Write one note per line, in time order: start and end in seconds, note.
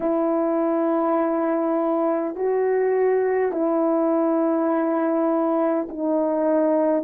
0.00 2.35 E4
2.35 3.52 F#4
3.52 5.87 E4
5.88 7.04 D#4